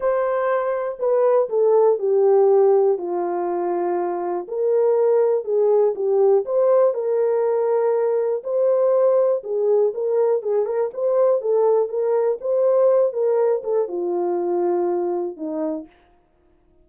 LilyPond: \new Staff \with { instrumentName = "horn" } { \time 4/4 \tempo 4 = 121 c''2 b'4 a'4 | g'2 f'2~ | f'4 ais'2 gis'4 | g'4 c''4 ais'2~ |
ais'4 c''2 gis'4 | ais'4 gis'8 ais'8 c''4 a'4 | ais'4 c''4. ais'4 a'8 | f'2. dis'4 | }